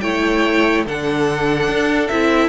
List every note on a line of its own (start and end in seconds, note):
0.00 0.86 A3
0.00 0.86 E4
0.00 0.85 C#5
0.00 0.83 G5
0.85 1.68 D3
0.85 2.11 D4
0.85 2.48 A4
0.85 2.08 F#5
1.68 2.09 D4
2.08 2.48 C4
2.08 2.48 E4
2.08 2.48 E5